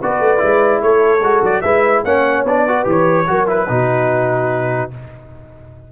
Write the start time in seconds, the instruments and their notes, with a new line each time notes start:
0.00 tuba B3, trombone F#4, horn B4, trumpet D5
0.20 tuba A3
0.38 tuba G#3, trombone E4
0.82 tuba A3, horn A4, trumpet C#5
1.21 tuba G#3, trombone F#4
1.43 tuba F#3, trumpet D5
1.62 tuba G#3, trombone E4, horn B4, trumpet E5
2.05 tuba A#3, trombone C#4, horn C#5, trumpet F#5
2.44 tuba B3, trombone D4, trumpet D5
2.67 trombone F#4, horn B4
2.84 tuba E3, trombone G4
2.91 trumpet C#5
3.27 tuba F#3, trombone F#4, horn A#4
3.47 trombone E4, trumpet B4
3.69 tuba B2, trombone D#4, horn F#4